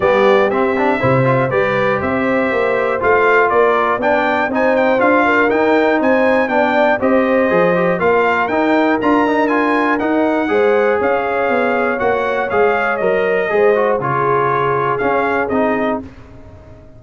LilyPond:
<<
  \new Staff \with { instrumentName = "trumpet" } { \time 4/4 \tempo 4 = 120 d''4 e''2 d''4 | e''2 f''4 d''4 | g''4 gis''8 g''8 f''4 g''4 | gis''4 g''4 dis''2 |
f''4 g''4 ais''4 gis''4 | fis''2 f''2 | fis''4 f''4 dis''2 | cis''2 f''4 dis''4 | }
  \new Staff \with { instrumentName = "horn" } { \time 4/4 g'2 c''4 b'4 | c''2. ais'4 | d''4 c''4. ais'4. | c''4 d''4 c''2 |
ais'1~ | ais'4 c''4 cis''2~ | cis''2. c''4 | gis'1 | }
  \new Staff \with { instrumentName = "trombone" } { \time 4/4 b4 c'8 d'8 e'8 f'8 g'4~ | g'2 f'2 | d'4 dis'4 f'4 dis'4~ | dis'4 d'4 g'4 gis'8 g'8 |
f'4 dis'4 f'8 dis'8 f'4 | dis'4 gis'2. | fis'4 gis'4 ais'4 gis'8 fis'8 | f'2 cis'4 dis'4 | }
  \new Staff \with { instrumentName = "tuba" } { \time 4/4 g4 c'4 c4 g4 | c'4 ais4 a4 ais4 | b4 c'4 d'4 dis'4 | c'4 b4 c'4 f4 |
ais4 dis'4 d'2 | dis'4 gis4 cis'4 b4 | ais4 gis4 fis4 gis4 | cis2 cis'4 c'4 | }
>>